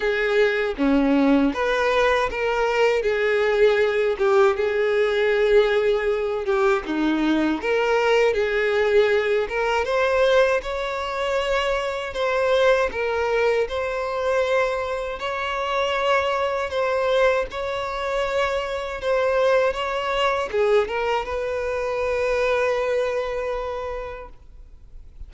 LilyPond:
\new Staff \with { instrumentName = "violin" } { \time 4/4 \tempo 4 = 79 gis'4 cis'4 b'4 ais'4 | gis'4. g'8 gis'2~ | gis'8 g'8 dis'4 ais'4 gis'4~ | gis'8 ais'8 c''4 cis''2 |
c''4 ais'4 c''2 | cis''2 c''4 cis''4~ | cis''4 c''4 cis''4 gis'8 ais'8 | b'1 | }